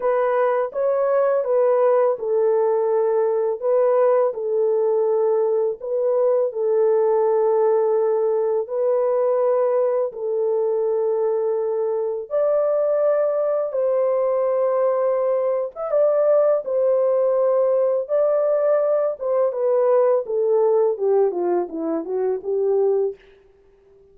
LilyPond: \new Staff \with { instrumentName = "horn" } { \time 4/4 \tempo 4 = 83 b'4 cis''4 b'4 a'4~ | a'4 b'4 a'2 | b'4 a'2. | b'2 a'2~ |
a'4 d''2 c''4~ | c''4.~ c''16 e''16 d''4 c''4~ | c''4 d''4. c''8 b'4 | a'4 g'8 f'8 e'8 fis'8 g'4 | }